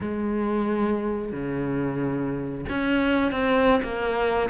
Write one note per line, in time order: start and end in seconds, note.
0.01 1.32 G#3
1.32 2.65 C#3
2.69 3.31 C#4
3.31 3.81 C4
3.83 4.49 A#3